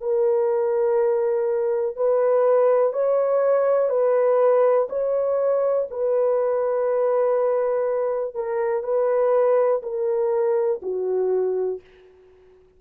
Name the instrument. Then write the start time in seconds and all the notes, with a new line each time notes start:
horn
0.00 A#4
1.96 B4
2.93 C#5
3.89 B4
4.89 C#5
5.90 B4
8.34 A#4
8.83 B4
9.82 A#4
10.82 F#4